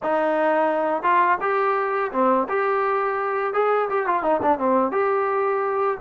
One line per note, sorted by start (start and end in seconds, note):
0.02 1.02 D#4
1.02 1.38 F4
1.40 2.11 G4
2.12 2.47 C4
2.48 3.53 G4
3.53 3.89 G#4
3.89 4.06 G4
4.06 4.23 F4
4.23 4.40 D#4
4.42 4.58 D4
4.58 4.91 C4
4.91 5.97 G4